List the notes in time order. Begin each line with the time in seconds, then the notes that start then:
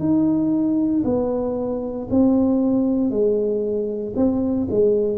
0.00 D#4
1.04 B3
2.11 C4
3.10 G#3
4.16 C4
4.71 G#3